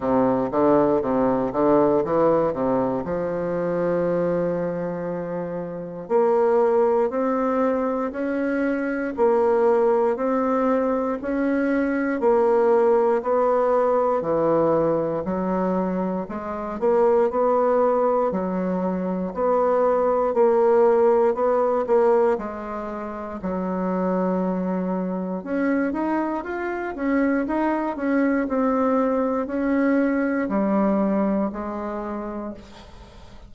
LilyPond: \new Staff \with { instrumentName = "bassoon" } { \time 4/4 \tempo 4 = 59 c8 d8 c8 d8 e8 c8 f4~ | f2 ais4 c'4 | cis'4 ais4 c'4 cis'4 | ais4 b4 e4 fis4 |
gis8 ais8 b4 fis4 b4 | ais4 b8 ais8 gis4 fis4~ | fis4 cis'8 dis'8 f'8 cis'8 dis'8 cis'8 | c'4 cis'4 g4 gis4 | }